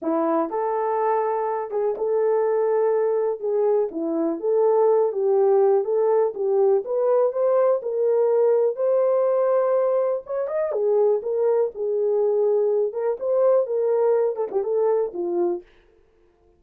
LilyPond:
\new Staff \with { instrumentName = "horn" } { \time 4/4 \tempo 4 = 123 e'4 a'2~ a'8 gis'8 | a'2. gis'4 | e'4 a'4. g'4. | a'4 g'4 b'4 c''4 |
ais'2 c''2~ | c''4 cis''8 dis''8 gis'4 ais'4 | gis'2~ gis'8 ais'8 c''4 | ais'4. a'16 g'16 a'4 f'4 | }